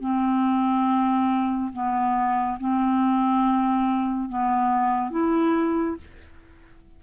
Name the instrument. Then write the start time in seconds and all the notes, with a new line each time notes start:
clarinet
0.00 C4
1.72 B3
2.59 C4
4.29 B3
5.10 E4